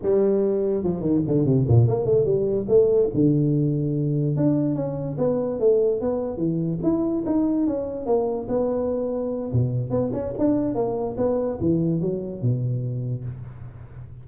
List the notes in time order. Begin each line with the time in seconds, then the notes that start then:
0.02 G3
0.83 F3
1.00 D#3
1.27 D3
1.45 C3
1.67 A#2
1.87 A#3
2.05 A3
2.25 G3
2.68 A3
3.14 D3
4.36 D4
4.75 C#4
5.18 B3
5.59 A3
6.00 B3
6.37 E3
6.82 E4
7.25 D#4
7.66 C#4
8.05 A#3
8.48 B3
9.52 B2
9.90 B3
10.12 C#4
10.38 D4
10.74 A#3
11.17 B3
11.60 E3
12.00 F#3
12.42 B2